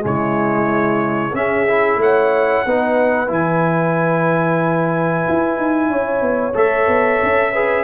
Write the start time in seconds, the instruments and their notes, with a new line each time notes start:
0.00 tuba C#3, trombone G#3, horn E4, trumpet C#5
1.33 tuba C#4, trombone C#4, horn G#4, trumpet E5
1.68 trombone E4
1.96 tuba A3, horn C#5, trumpet F#5
2.65 tuba B3, trombone D#4, horn B4
3.27 tuba E3, trombone E4, trumpet G#5
5.27 tuba E4
5.57 tuba D#4
5.89 tuba C#4, horn C#5
6.21 tuba B3
6.54 tuba A3, trombone A4, trumpet E5
6.87 tuba B3
7.23 tuba C#4
7.52 trombone G#4, horn B4